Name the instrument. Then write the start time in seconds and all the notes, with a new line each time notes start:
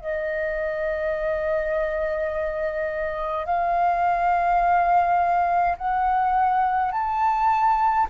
flute
0.00 D#5
3.46 F5
5.77 F#5
6.91 A5